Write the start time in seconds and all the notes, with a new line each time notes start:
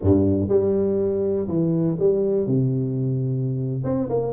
0.01 G2
0.48 G3
1.48 E3
1.99 G3
2.47 C3
3.83 C4
4.09 A#3